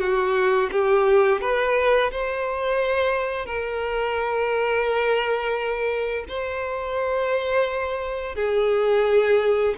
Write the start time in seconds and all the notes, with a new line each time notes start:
0.00 F#4
0.72 G4
1.41 B4
2.12 C5
3.46 A#4
6.29 C5
8.35 G#4